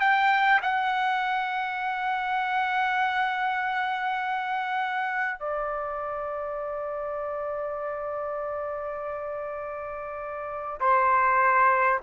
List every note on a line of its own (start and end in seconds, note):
0.00 0.60 G5
0.62 5.39 F#5
5.39 10.79 D5
10.80 12.00 C5